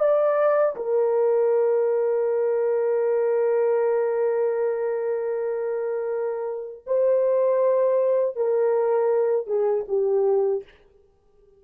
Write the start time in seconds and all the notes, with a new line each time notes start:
0.00 D5
0.77 A#4
6.87 C5
8.36 A#4
9.47 G#4
9.89 G4